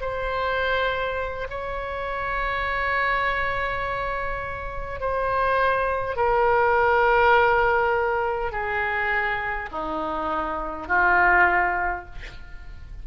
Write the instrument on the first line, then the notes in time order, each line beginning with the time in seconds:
oboe
0.00 C5
1.50 C#5
5.00 C5
6.16 A#4
8.52 G#4
9.71 D#4
10.88 F4